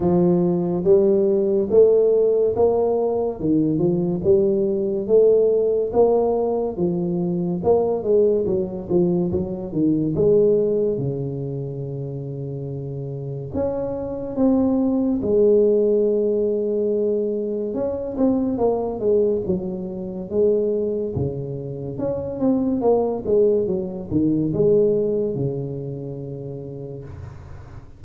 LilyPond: \new Staff \with { instrumentName = "tuba" } { \time 4/4 \tempo 4 = 71 f4 g4 a4 ais4 | dis8 f8 g4 a4 ais4 | f4 ais8 gis8 fis8 f8 fis8 dis8 | gis4 cis2. |
cis'4 c'4 gis2~ | gis4 cis'8 c'8 ais8 gis8 fis4 | gis4 cis4 cis'8 c'8 ais8 gis8 | fis8 dis8 gis4 cis2 | }